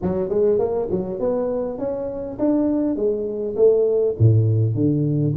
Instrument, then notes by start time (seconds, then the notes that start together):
tuba
0.02 F#3
0.29 G#3
0.58 A#3
0.90 F#3
1.19 B3
1.78 C#4
2.38 D4
2.95 G#3
3.56 A3
4.19 A2
4.74 D3